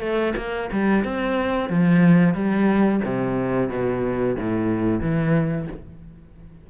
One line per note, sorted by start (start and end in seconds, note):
0.00 0.33 A3
0.37 0.70 A#3
0.72 1.04 G3
1.04 1.69 C4
1.69 2.34 F3
2.34 3.01 G3
3.05 3.69 C3
3.69 4.36 B2
4.38 5.01 A2
5.01 5.67 E3